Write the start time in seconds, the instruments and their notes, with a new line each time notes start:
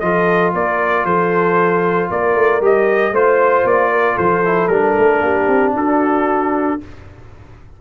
0.00 tuba F3, trombone F4, horn A4, trumpet D#5
0.54 tuba A#3, horn A#4, trumpet D5
1.04 tuba F3, horn A4, trumpet C5
2.10 tuba A#3, horn A#4, trumpet D5
2.35 tuba A3
2.61 tuba G3, trombone G4, trumpet D#5
3.12 tuba A3, trombone F4, horn C5, trumpet C5
3.65 tuba A#3, trumpet D5
3.92 horn A#4
4.15 tuba F3, horn A4, trumpet C5
4.45 trombone E4
4.68 tuba G3, trombone D4, trumpet A#4
4.98 tuba A3
5.22 tuba A#3, horn G4
5.48 tuba C4
5.74 tuba D4, horn F#4, trumpet A4